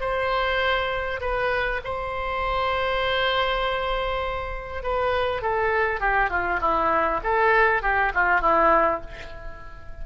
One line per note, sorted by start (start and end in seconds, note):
0.00 1.20 C5
1.20 1.80 B4
1.84 4.83 C5
4.83 5.42 B4
5.42 6.00 A4
6.00 6.30 G4
6.30 6.60 F4
6.61 7.21 E4
7.23 7.82 A4
7.82 8.12 G4
8.14 8.41 F4
8.41 9.01 E4